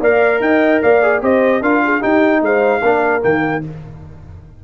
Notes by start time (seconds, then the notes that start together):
0.00 A#3 A#4 D5 F5
0.40 D#4 D#5 G5
0.82 A#3 D5 F5
1.02 G#4
1.21 C4 G4 C5 D#5
1.61 D4 F4 A#4 F5
1.84 G#4
2.00 D#4 G4 G5
2.41 G#3 C5 F5
2.81 A#3 D4 A#4
3.21 D#3 A#3 G5